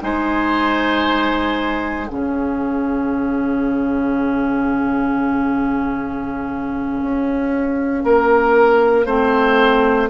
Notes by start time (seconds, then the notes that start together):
0.00 G#3 D#4 C5 G#5
2.07 C#3 C#4 G#4 F5
7.02 C#4
8.04 A#3 A#4
9.06 A3 C4 C5